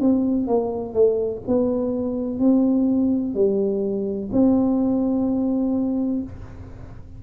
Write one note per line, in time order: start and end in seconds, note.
0.00 0.47 C4
0.47 0.94 A#3
0.94 1.41 A3
1.47 2.39 B3
2.39 3.34 C4
3.34 4.29 G3
4.32 6.23 C4